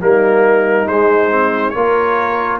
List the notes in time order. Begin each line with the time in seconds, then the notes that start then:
0.00 G3 A#3 D#4 A#4
0.86 G#3 C5
1.30 C4
1.70 A#3 F4 A#4 C#5